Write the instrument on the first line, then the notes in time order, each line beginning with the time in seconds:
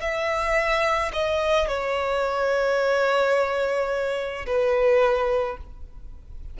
violin
0.00 E5
1.13 D#5
1.68 C#5
4.46 B4